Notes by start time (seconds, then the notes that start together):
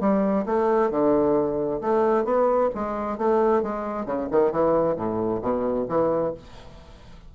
0.00 G3
0.46 A3
0.90 D3
1.80 A3
2.24 B3
2.74 G#3
3.17 A3
3.62 G#3
4.05 C#3
4.31 D#3
4.52 E3
4.96 A2
5.42 B2
5.88 E3